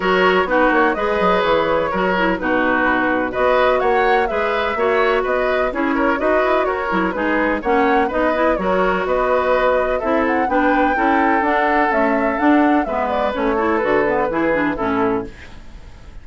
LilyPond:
<<
  \new Staff \with { instrumentName = "flute" } { \time 4/4 \tempo 4 = 126 cis''4 b'8 cis''8 dis''4 cis''4~ | cis''4 b'2 dis''4 | fis''4 e''2 dis''4 | cis''4 dis''4 cis''4 b'4 |
fis''4 dis''4 cis''4 dis''4~ | dis''4 e''8 fis''8 g''2 | fis''4 e''4 fis''4 e''8 d''8 | cis''4 b'2 a'4 | }
  \new Staff \with { instrumentName = "oboe" } { \time 4/4 ais'4 fis'4 b'2 | ais'4 fis'2 b'4 | cis''4 b'4 cis''4 b'4 | gis'8 ais'8 b'4 ais'4 gis'4 |
cis''4 b'4 ais'4 b'4~ | b'4 a'4 b'4 a'4~ | a'2. b'4~ | b'8 a'4. gis'4 e'4 | }
  \new Staff \with { instrumentName = "clarinet" } { \time 4/4 fis'4 dis'4 gis'2 | fis'8 e'8 dis'2 fis'4~ | fis'4 gis'4 fis'2 | e'4 fis'4. e'8 dis'4 |
cis'4 dis'8 e'8 fis'2~ | fis'4 e'4 d'4 e'4 | d'4 a4 d'4 b4 | cis'8 e'8 fis'8 b8 e'8 d'8 cis'4 | }
  \new Staff \with { instrumentName = "bassoon" } { \time 4/4 fis4 b8 ais8 gis8 fis8 e4 | fis4 b,2 b4 | ais4 gis4 ais4 b4 | cis'4 dis'8 e'8 fis'8 fis8 gis4 |
ais4 b4 fis4 b4~ | b4 c'4 b4 cis'4 | d'4 cis'4 d'4 gis4 | a4 d4 e4 a,4 | }
>>